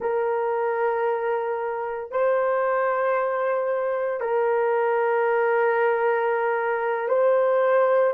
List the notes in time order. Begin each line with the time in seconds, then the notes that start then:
0.00 A#4
2.11 C5
4.20 A#4
7.08 C5